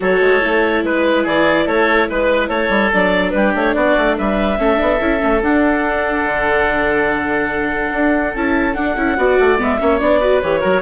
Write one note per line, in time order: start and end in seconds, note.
0.00 0.20 F#3
0.00 0.41 F#4
0.00 0.84 A4
0.00 0.85 C#5
0.20 0.41 G#3
0.41 0.83 A3
0.41 2.91 E4
0.83 1.25 G#3
0.83 1.23 B4
0.83 1.26 B4
1.23 1.67 E3
1.23 1.65 G#4
1.23 1.68 D5
1.66 2.08 A3
1.66 2.07 A4
1.66 2.09 C#5
2.09 2.48 G#3
2.09 2.48 B4
2.09 2.49 B4
2.48 2.69 A3
2.48 3.31 A4
2.48 2.91 C#5
2.69 2.90 G3
2.93 3.33 F#3
2.93 4.57 D4
2.93 3.30 D5
3.30 3.54 G3
3.30 3.75 G4
3.30 3.51 B4
3.55 3.75 A3
3.55 3.74 C#5
3.74 3.96 B3
3.74 4.16 F#4
3.74 4.16 D5
3.97 4.18 A3
4.17 4.58 G3
4.17 4.58 B4
4.17 5.42 E5
4.57 4.79 A3
4.57 4.76 C#4
4.57 9.18 A4
4.76 5.00 B3
4.76 4.97 D4
5.00 5.21 C#4
5.00 5.20 E4
5.20 5.42 A3
5.20 5.41 C#4
5.42 6.24 D4
5.42 8.36 D4
5.42 8.35 F#5
6.24 7.91 D3
7.92 8.33 D4
8.34 8.76 C#4
8.34 8.74 E4
8.34 8.74 A5
8.74 8.95 D4
8.74 8.96 D4
8.74 9.57 F#5
8.96 9.17 C#4
8.96 9.17 E4
9.17 9.38 B3
9.17 9.58 F#4
9.17 9.80 D5
9.39 9.59 A3
9.58 9.80 G#3
9.58 9.78 B3
9.58 9.99 E5
9.80 10.01 A#3
9.80 10.00 C#4
9.80 10.20 C#5
9.99 10.42 B3
9.99 10.21 D4
9.99 10.41 D5
10.20 10.42 F#4
10.20 10.60 B4
10.41 10.63 E3
10.41 10.61 G4
10.41 10.81 C#5
10.60 10.81 F#3
10.60 10.81 F#4
10.60 10.81 A#4